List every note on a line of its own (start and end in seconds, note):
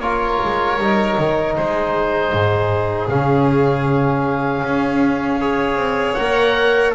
0.00 0.38 A#3
0.00 0.80 F4
0.00 1.57 A#4
0.00 1.54 C#5
0.44 0.78 G#3
0.78 1.16 G3
0.78 3.11 D#4
1.18 1.57 D#3
1.57 2.33 G#3
1.57 5.41 G#4
1.57 3.09 C5
2.33 3.09 G#2
3.09 4.63 C#3
3.09 5.41 C#4
3.09 6.14 F5
4.63 5.76 C#4
5.41 6.18 G#4
5.41 6.95 C#5
5.76 6.15 C4
6.14 6.95 A#3
6.14 6.95 A#4
6.14 6.91 F#5